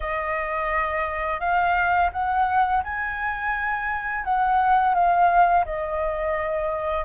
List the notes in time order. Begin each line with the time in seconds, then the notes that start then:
0.00 D#5
1.40 F5
2.12 F#5
2.83 G#5
4.24 F#5
4.94 F5
5.65 D#5